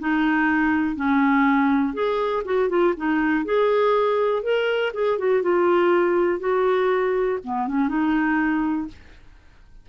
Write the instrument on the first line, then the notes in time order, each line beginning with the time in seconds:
clarinet
0.00 D#4
0.96 C#4
1.94 G#4
2.45 F#4
2.70 F4
2.97 D#4
3.45 G#4
4.43 A#4
4.94 G#4
5.19 F#4
5.43 F4
6.40 F#4
7.44 B3
7.68 C#4
7.89 D#4